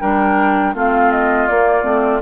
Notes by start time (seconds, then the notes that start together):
0.00 G3 D4 A#4 G5
0.74 A3 C4 F4 F5
1.11 D#5
1.47 A#3 D5
1.83 A3 C4